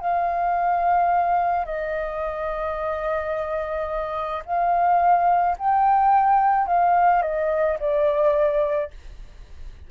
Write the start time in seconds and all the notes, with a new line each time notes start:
0.00 F5
1.65 D#5
4.45 F5
5.58 G5
6.67 F5
7.22 D#5
7.79 D5